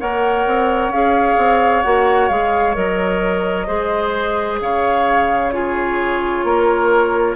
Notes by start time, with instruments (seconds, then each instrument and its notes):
0.00 bassoon A#3, clarinet A#4, oboe C#5, flute F#5
0.47 bassoon C4
0.90 bassoon C#4, clarinet G#4, flute F5
1.38 bassoon C4
1.82 bassoon A#3, clarinet F#4, flute F#5
2.29 bassoon G#3, clarinet G#4, flute F5
2.75 bassoon F#3, clarinet A#4, flute D#5
3.67 bassoon G#3, clarinet G#4, oboe C5
4.61 bassoon C#3, oboe C#5, flute F5
5.51 clarinet F4, oboe G#4, flute C#5
6.44 bassoon A#3, oboe A#4